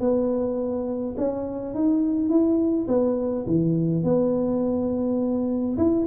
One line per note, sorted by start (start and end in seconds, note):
0.00 1.15 B3
1.17 1.75 C#4
1.75 2.29 D#4
2.29 2.87 E4
2.88 3.46 B3
3.47 4.04 E3
4.04 5.77 B3
5.77 6.06 E4